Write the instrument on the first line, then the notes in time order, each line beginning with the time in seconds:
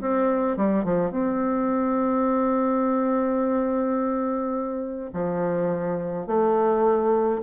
bassoon
0.00 C4
0.57 G3
0.84 F3
1.10 C4
5.13 F3
6.27 A3